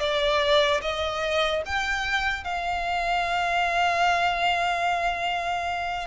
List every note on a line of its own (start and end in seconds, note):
0.00 0.81 D5
0.82 1.63 D#5
1.66 2.44 G5
2.44 6.08 F5